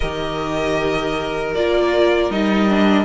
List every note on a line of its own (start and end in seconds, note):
0.00 1.55 D#3
0.00 1.55 G4
0.00 3.04 A#4
0.00 1.54 D#5
1.54 2.30 A#3
1.54 2.30 F4
1.54 2.31 D5
2.30 3.04 G3
2.30 2.69 D#4
2.30 3.04 D#5
2.69 3.04 D4